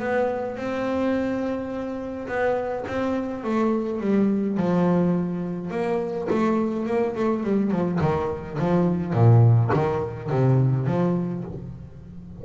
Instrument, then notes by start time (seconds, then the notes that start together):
double bass
0.00 B3
0.57 C4
2.28 B3
2.88 C4
3.44 A3
4.01 G3
4.58 F3
5.71 A#3
6.31 A3
6.87 A#3
7.16 A3
7.44 G3
7.71 F3
8.01 D#3
8.59 F3
9.14 A#2
9.74 D#3
10.30 C3
10.87 F3